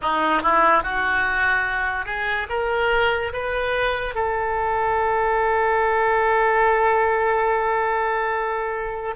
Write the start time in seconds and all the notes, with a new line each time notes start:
0.01 D#4
0.42 E4
0.83 F#4
2.05 G#4
2.49 A#4
3.33 B4
4.14 A4